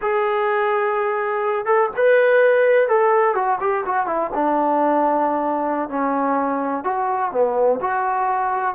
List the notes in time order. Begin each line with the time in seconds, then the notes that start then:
0.01 G#4
1.65 A4
1.96 B4
2.88 A4
3.34 F#4
3.60 G4
3.85 F#4
4.06 E4
4.34 D4
5.89 C#4
6.83 F#4
7.31 B3
7.80 F#4